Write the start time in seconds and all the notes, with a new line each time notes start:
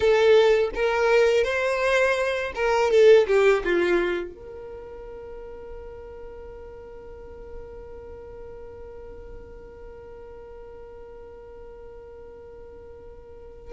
0.00 A4
0.74 A#4
1.44 C5
2.55 A#4
2.90 A4
3.27 G4
3.64 F4
4.34 A#4